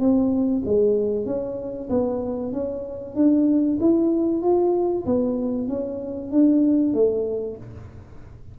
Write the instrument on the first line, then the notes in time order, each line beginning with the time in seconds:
tuba
0.00 C4
0.65 G#3
1.26 C#4
1.90 B3
2.53 C#4
3.16 D4
3.81 E4
4.42 F4
5.06 B3
5.68 C#4
6.32 D4
6.94 A3